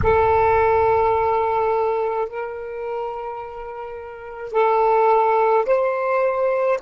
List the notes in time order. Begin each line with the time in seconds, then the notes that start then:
0.03 A4
2.28 A#4
4.52 A4
5.65 C5